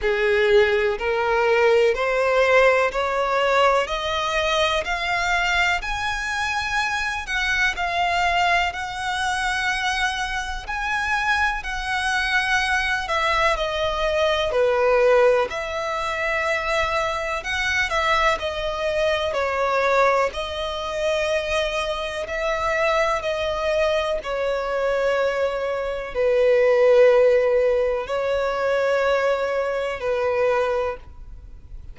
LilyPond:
\new Staff \with { instrumentName = "violin" } { \time 4/4 \tempo 4 = 62 gis'4 ais'4 c''4 cis''4 | dis''4 f''4 gis''4. fis''8 | f''4 fis''2 gis''4 | fis''4. e''8 dis''4 b'4 |
e''2 fis''8 e''8 dis''4 | cis''4 dis''2 e''4 | dis''4 cis''2 b'4~ | b'4 cis''2 b'4 | }